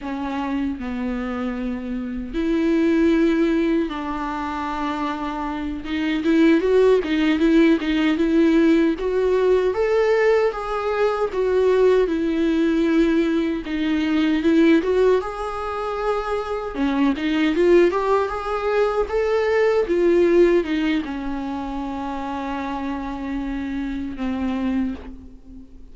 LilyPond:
\new Staff \with { instrumentName = "viola" } { \time 4/4 \tempo 4 = 77 cis'4 b2 e'4~ | e'4 d'2~ d'8 dis'8 | e'8 fis'8 dis'8 e'8 dis'8 e'4 fis'8~ | fis'8 a'4 gis'4 fis'4 e'8~ |
e'4. dis'4 e'8 fis'8 gis'8~ | gis'4. cis'8 dis'8 f'8 g'8 gis'8~ | gis'8 a'4 f'4 dis'8 cis'4~ | cis'2. c'4 | }